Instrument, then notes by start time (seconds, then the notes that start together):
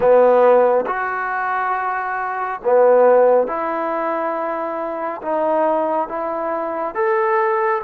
trombone
0.00 B3
0.86 F#4
2.63 B3
3.47 E4
5.22 D#4
6.08 E4
6.94 A4